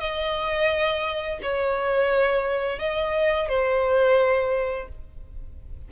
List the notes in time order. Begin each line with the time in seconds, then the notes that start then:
0.00 D#5
1.42 C#5
2.79 D#5
3.49 C5